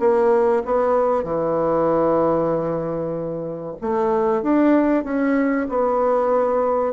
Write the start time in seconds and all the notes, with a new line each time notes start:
0.00 A#3
0.66 B3
1.24 E3
3.82 A3
4.43 D4
5.04 C#4
5.69 B3